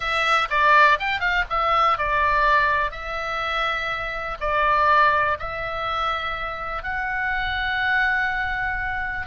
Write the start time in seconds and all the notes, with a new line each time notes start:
0.00 E5
0.50 D5
0.99 G5
1.20 F5
1.49 E5
1.98 D5
2.91 E5
4.40 D5
5.39 E5
6.83 F#5